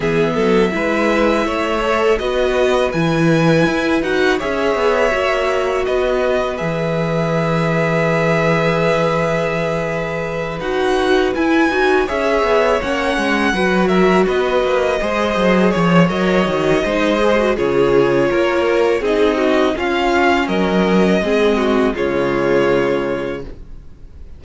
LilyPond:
<<
  \new Staff \with { instrumentName = "violin" } { \time 4/4 \tempo 4 = 82 e''2. dis''4 | gis''4. fis''8 e''2 | dis''4 e''2.~ | e''2~ e''8 fis''4 gis''8~ |
gis''8 e''4 fis''4. e''8 dis''8~ | dis''4. cis''8 dis''2 | cis''2 dis''4 f''4 | dis''2 cis''2 | }
  \new Staff \with { instrumentName = "violin" } { \time 4/4 gis'8 a'8 b'4 cis''4 b'4~ | b'2 cis''2 | b'1~ | b'1~ |
b'8 cis''2 b'8 ais'8 b'8~ | b'8 c''4 cis''4. c''4 | gis'4 ais'4 gis'8 fis'8 f'4 | ais'4 gis'8 fis'8 f'2 | }
  \new Staff \with { instrumentName = "viola" } { \time 4/4 b4 e'4. a'8 fis'4 | e'4. fis'8 gis'4 fis'4~ | fis'4 gis'2.~ | gis'2~ gis'8 fis'4 e'8 |
fis'8 gis'4 cis'4 fis'4.~ | fis'8 gis'4. ais'8 fis'8 dis'8 gis'16 fis'16 | f'2 dis'4 cis'4~ | cis'4 c'4 gis2 | }
  \new Staff \with { instrumentName = "cello" } { \time 4/4 e8 fis8 gis4 a4 b4 | e4 e'8 dis'8 cis'8 b8 ais4 | b4 e2.~ | e2~ e8 dis'4 e'8 |
dis'8 cis'8 b8 ais8 gis8 fis4 b8 | ais8 gis8 fis8 f8 fis8 dis8 gis4 | cis4 ais4 c'4 cis'4 | fis4 gis4 cis2 | }
>>